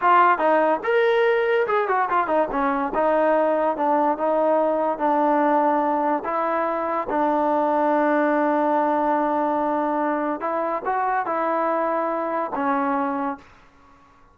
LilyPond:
\new Staff \with { instrumentName = "trombone" } { \time 4/4 \tempo 4 = 144 f'4 dis'4 ais'2 | gis'8 fis'8 f'8 dis'8 cis'4 dis'4~ | dis'4 d'4 dis'2 | d'2. e'4~ |
e'4 d'2.~ | d'1~ | d'4 e'4 fis'4 e'4~ | e'2 cis'2 | }